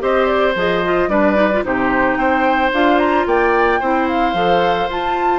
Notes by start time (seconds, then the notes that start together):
0.00 C4 G4 C5 D#5
0.27 D5
0.55 F3 G#4 D#5
0.84 F4
1.08 G3 D4 B4 D5
1.35 D#4
1.53 F4
1.64 C3 D#4 G4 C5
2.16 C4 C5 G5
2.73 D4 F4 F5
2.99 A#5
3.26 A#3 D5 G5
3.80 C4 E4 C5
4.08 F5
4.34 F3 A4
4.89 F4 A5